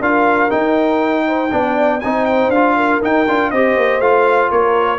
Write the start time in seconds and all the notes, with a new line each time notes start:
0.00 D4 F4 A#4 F5
0.50 D#4 G5
1.27 C5
1.51 B3 D4 D5
2.01 C4 D#4 C5 G#5
2.26 G5
2.49 D4 F4 F5
2.76 A#4
3.02 D#4 G5
3.28 D4 F4
3.51 C4 G4 C5 D#5
3.76 A#3
4.00 A3 F4 F5
4.51 A#3 A#4 C#5